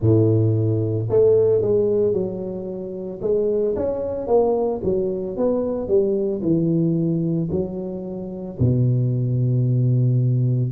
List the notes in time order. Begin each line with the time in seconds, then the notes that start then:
0.00 A2
1.10 A3
1.61 G#3
2.13 F#3
3.21 G#3
3.75 C#4
4.27 A#3
4.83 F#3
5.36 B3
5.87 G3
6.42 E3
7.51 F#3
8.59 B2